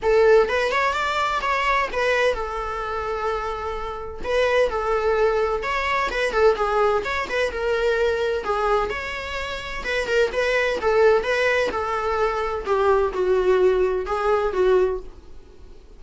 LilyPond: \new Staff \with { instrumentName = "viola" } { \time 4/4 \tempo 4 = 128 a'4 b'8 cis''8 d''4 cis''4 | b'4 a'2.~ | a'4 b'4 a'2 | cis''4 b'8 a'8 gis'4 cis''8 b'8 |
ais'2 gis'4 cis''4~ | cis''4 b'8 ais'8 b'4 a'4 | b'4 a'2 g'4 | fis'2 gis'4 fis'4 | }